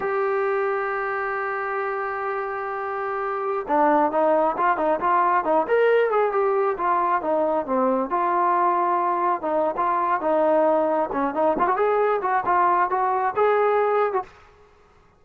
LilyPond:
\new Staff \with { instrumentName = "trombone" } { \time 4/4 \tempo 4 = 135 g'1~ | g'1~ | g'16 d'4 dis'4 f'8 dis'8 f'8.~ | f'16 dis'8 ais'4 gis'8 g'4 f'8.~ |
f'16 dis'4 c'4 f'4.~ f'16~ | f'4~ f'16 dis'8. f'4 dis'4~ | dis'4 cis'8 dis'8 f'16 fis'16 gis'4 fis'8 | f'4 fis'4 gis'4.~ gis'16 fis'16 | }